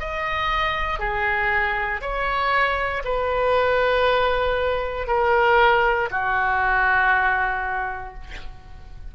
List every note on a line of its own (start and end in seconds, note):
0.00 1.00 D#5
1.00 2.02 G#4
2.02 3.03 C#5
3.05 5.08 B4
5.08 6.10 A#4
6.11 8.14 F#4